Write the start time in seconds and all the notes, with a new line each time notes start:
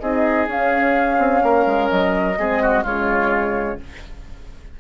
0.00 C4 D#4 G#4 D#5
0.48 C#4 F5
1.18 C4
1.43 A#3 A#4
1.66 G#3
1.90 F#3 D#5
2.38 G#3 C4 G#4
2.63 F#4
2.83 C#3 G#3 F4 C#5